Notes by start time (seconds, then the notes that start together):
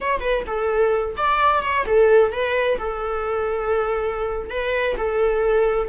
0.00 C#5
0.20 B4
0.46 A4
1.16 D5
1.62 C#5
1.86 A4
2.32 B4
2.78 A4
4.50 B4
4.97 A4